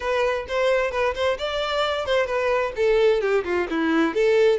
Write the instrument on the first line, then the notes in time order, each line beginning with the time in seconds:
violin
0.00 B4
0.48 C5
0.91 B4
1.14 C5
1.38 D5
2.05 C5
2.26 B4
2.76 A4
3.21 G4
3.44 F4
3.70 E4
4.14 A4